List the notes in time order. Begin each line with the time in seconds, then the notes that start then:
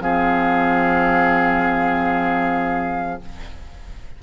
0.00 F3 C4 G#4 F5